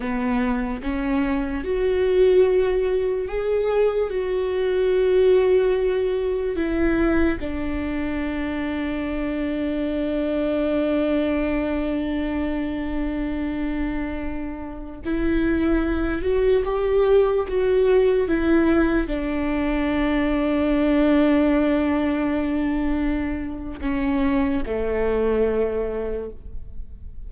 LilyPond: \new Staff \with { instrumentName = "viola" } { \time 4/4 \tempo 4 = 73 b4 cis'4 fis'2 | gis'4 fis'2. | e'4 d'2.~ | d'1~ |
d'2~ d'16 e'4. fis'16~ | fis'16 g'4 fis'4 e'4 d'8.~ | d'1~ | d'4 cis'4 a2 | }